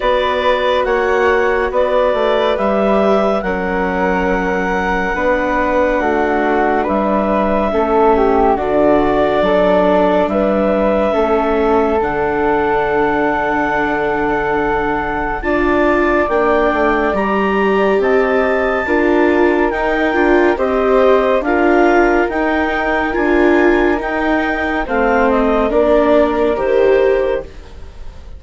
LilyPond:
<<
  \new Staff \with { instrumentName = "clarinet" } { \time 4/4 \tempo 4 = 70 d''4 fis''4 d''4 e''4 | fis''1 | e''2 d''2 | e''2 fis''2~ |
fis''2 a''4 g''4 | ais''4 a''2 g''4 | dis''4 f''4 g''4 gis''4 | g''4 f''8 dis''8 d''4 c''4 | }
  \new Staff \with { instrumentName = "flute" } { \time 4/4 b'4 cis''4 b'2 | ais'2 b'4 fis'4 | b'4 a'8 g'8 fis'4 a'4 | b'4 a'2.~ |
a'2 d''2~ | d''4 dis''4 ais'2 | c''4 ais'2.~ | ais'4 c''4 ais'2 | }
  \new Staff \with { instrumentName = "viola" } { \time 4/4 fis'2. g'4 | cis'2 d'2~ | d'4 cis'4 d'2~ | d'4 cis'4 d'2~ |
d'2 f'4 d'4 | g'2 f'4 dis'8 f'8 | g'4 f'4 dis'4 f'4 | dis'4 c'4 d'4 g'4 | }
  \new Staff \with { instrumentName = "bassoon" } { \time 4/4 b4 ais4 b8 a8 g4 | fis2 b4 a4 | g4 a4 d4 fis4 | g4 a4 d2~ |
d2 d'4 ais8 a8 | g4 c'4 d'4 dis'8 d'8 | c'4 d'4 dis'4 d'4 | dis'4 a4 ais4 dis4 | }
>>